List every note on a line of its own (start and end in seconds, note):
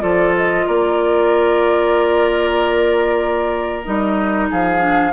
0.00 0.67 F3
0.00 3.83 F4
0.00 0.66 A4
0.00 0.34 D5
0.37 0.68 D#5
0.67 3.87 A#3
0.67 4.50 A#4
0.67 3.84 D5
3.84 4.51 G3
3.84 4.80 D#4
3.84 4.48 D#5
4.51 5.13 F3
4.51 5.13 G#4
4.51 5.13 F5
4.80 5.12 D4